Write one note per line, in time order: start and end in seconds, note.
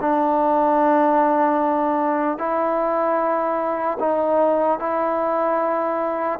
0.00 2.38 D4
2.38 3.98 E4
3.99 4.79 D#4
4.79 6.39 E4